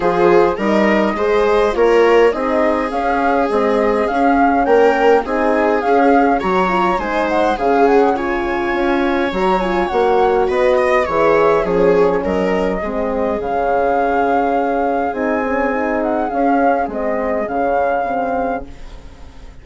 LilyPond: <<
  \new Staff \with { instrumentName = "flute" } { \time 4/4 \tempo 4 = 103 c''4 dis''2 cis''4 | dis''4 f''4 dis''4 f''4 | g''4 gis''4 f''4 ais''4 | gis''8 fis''8 f''8 fis''8 gis''2 |
ais''8 gis''8 fis''4 dis''4 e''4 | cis''4 dis''2 f''4~ | f''2 gis''4. fis''8 | f''4 dis''4 f''2 | }
  \new Staff \with { instrumentName = "viola" } { \time 4/4 gis'4 ais'4 c''4 ais'4 | gis'1 | ais'4 gis'2 cis''4 | c''4 gis'4 cis''2~ |
cis''2 b'8 dis''8 cis''4 | gis'4 ais'4 gis'2~ | gis'1~ | gis'1 | }
  \new Staff \with { instrumentName = "horn" } { \time 4/4 f'4 dis'4 gis'4 f'4 | dis'4 cis'4 gis4 cis'4~ | cis'4 dis'4 cis'4 fis'8 f'8 | dis'4 cis'4 f'2 |
fis'8 f'8 fis'2 gis'4 | cis'2 c'4 cis'4~ | cis'2 dis'8 cis'8 dis'4 | cis'4 c'4 cis'4 c'4 | }
  \new Staff \with { instrumentName = "bassoon" } { \time 4/4 f4 g4 gis4 ais4 | c'4 cis'4 c'4 cis'4 | ais4 c'4 cis'4 fis4 | gis4 cis2 cis'4 |
fis4 ais4 b4 e4 | f4 fis4 gis4 cis4~ | cis2 c'2 | cis'4 gis4 cis2 | }
>>